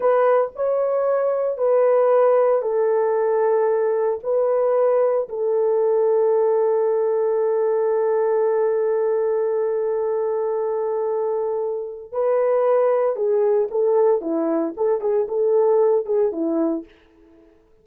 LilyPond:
\new Staff \with { instrumentName = "horn" } { \time 4/4 \tempo 4 = 114 b'4 cis''2 b'4~ | b'4 a'2. | b'2 a'2~ | a'1~ |
a'1~ | a'2. b'4~ | b'4 gis'4 a'4 e'4 | a'8 gis'8 a'4. gis'8 e'4 | }